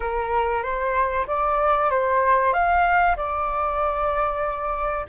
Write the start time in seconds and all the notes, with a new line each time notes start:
0.00 A#4
0.63 C5
1.27 D5
1.90 C5
2.53 F5
3.16 D5